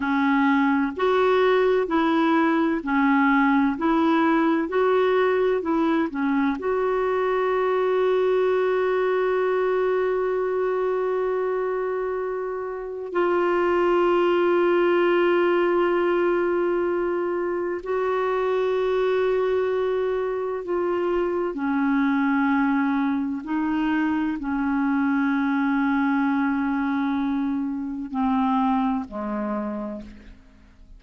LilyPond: \new Staff \with { instrumentName = "clarinet" } { \time 4/4 \tempo 4 = 64 cis'4 fis'4 e'4 cis'4 | e'4 fis'4 e'8 cis'8 fis'4~ | fis'1~ | fis'2 f'2~ |
f'2. fis'4~ | fis'2 f'4 cis'4~ | cis'4 dis'4 cis'2~ | cis'2 c'4 gis4 | }